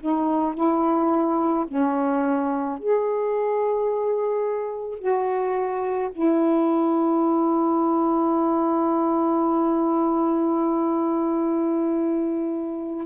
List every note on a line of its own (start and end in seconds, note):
0.00 0.54 D#4
0.54 1.65 E4
1.68 2.78 C#4
2.78 4.98 G#4
4.98 6.10 F#4
6.12 13.06 E4